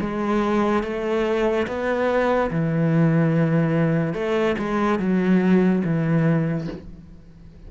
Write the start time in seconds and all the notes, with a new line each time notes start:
0.00 G#3
0.83 A3
1.67 B3
2.50 E3
4.13 A3
4.58 G#3
4.98 F#3
5.84 E3